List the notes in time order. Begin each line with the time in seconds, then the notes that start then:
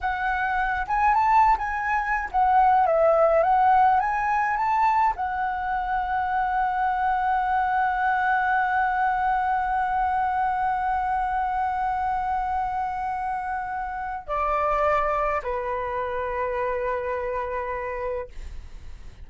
0.00 F#5
0.87 G#5
1.14 A5
1.57 G#5
2.31 F#5
2.86 E5
3.43 F#5
3.99 G#5
4.57 A5
5.16 F#5
14.27 D5
15.42 B4